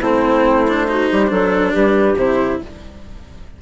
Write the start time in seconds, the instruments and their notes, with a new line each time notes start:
0.00 bassoon A3, cello C4, clarinet E4, flute C5
0.68 cello D4
0.88 cello D#4, clarinet F#4
1.10 bassoon G3, clarinet G4
1.27 bassoon F#3, cello D4, clarinet A4
1.72 bassoon G3, clarinet G4, flute B4
2.16 bassoon C3, cello E4, flute C5